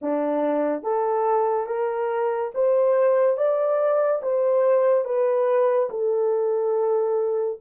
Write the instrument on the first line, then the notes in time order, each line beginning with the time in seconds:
horn
0.01 D4
0.82 A4
1.66 A#4
2.54 C5
3.37 D5
4.22 C5
5.05 B4
5.90 A4